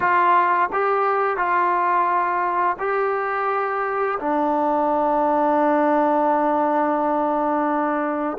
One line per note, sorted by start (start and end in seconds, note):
0.00 0.69 F4
0.72 1.37 G4
1.37 2.76 F4
2.79 4.18 G4
4.19 8.37 D4